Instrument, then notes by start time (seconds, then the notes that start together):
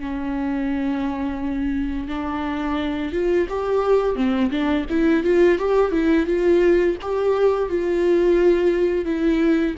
viola
0.00 C#4
2.09 D4
3.13 F4
3.49 G4
4.16 C4
4.51 D4
4.90 E4
5.24 F4
5.59 G4
5.92 E4
6.27 F4
7.02 G4
7.70 F4
9.05 E4